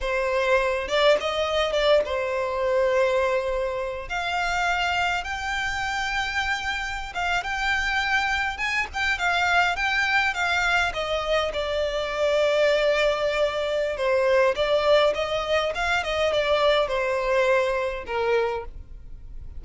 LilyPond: \new Staff \with { instrumentName = "violin" } { \time 4/4 \tempo 4 = 103 c''4. d''8 dis''4 d''8 c''8~ | c''2. f''4~ | f''4 g''2.~ | g''16 f''8 g''2 gis''8 g''8 f''16~ |
f''8. g''4 f''4 dis''4 d''16~ | d''1 | c''4 d''4 dis''4 f''8 dis''8 | d''4 c''2 ais'4 | }